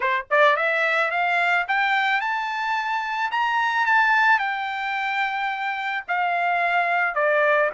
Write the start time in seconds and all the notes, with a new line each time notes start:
0.00 C5
0.30 D5
0.56 E5
1.11 F5
1.67 G5
2.20 A5
3.31 A#5
3.86 A5
4.38 G5
6.08 F5
7.15 D5